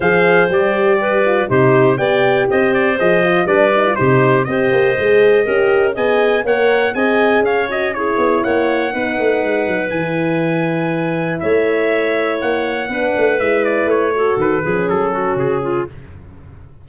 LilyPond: <<
  \new Staff \with { instrumentName = "trumpet" } { \time 4/4 \tempo 4 = 121 f''4 d''2 c''4 | g''4 dis''8 d''8 dis''4 d''4 | c''4 dis''2. | gis''4 fis''4 gis''4 f''8 dis''8 |
cis''4 fis''2. | gis''2. e''4~ | e''4 fis''2 e''8 d''8 | cis''4 b'4 a'4 gis'4 | }
  \new Staff \with { instrumentName = "clarinet" } { \time 4/4 c''2 b'4 g'4 | d''4 c''2 b'4 | g'4 c''2 ais'4 | dis''4 cis''4 dis''4 cis''4 |
gis'4 cis''4 b'2~ | b'2. cis''4~ | cis''2 b'2~ | b'8 a'4 gis'4 fis'4 f'8 | }
  \new Staff \with { instrumentName = "horn" } { \time 4/4 gis'4 g'4. f'8 dis'4 | g'2 gis'8 f'8 d'8 dis'16 f'16 | dis'4 g'4 gis'4 g'4 | gis'4 ais'4 gis'4. fis'8 |
e'2 dis'2 | e'1~ | e'2 d'4 e'4~ | e'8 fis'4 cis'2~ cis'8 | }
  \new Staff \with { instrumentName = "tuba" } { \time 4/4 f4 g2 c4 | b4 c'4 f4 g4 | c4 c'8 ais8 gis4 cis'4 | b4 ais4 c'4 cis'4~ |
cis'8 b8 ais4 b8 a8 gis8 fis8 | e2. a4~ | a4 ais4 b8 a8 gis4 | a4 dis8 f8 fis4 cis4 | }
>>